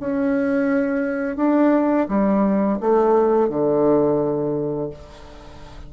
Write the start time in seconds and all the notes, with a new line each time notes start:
0.00 C#4
1.36 D4
2.08 G3
2.80 A3
3.49 D3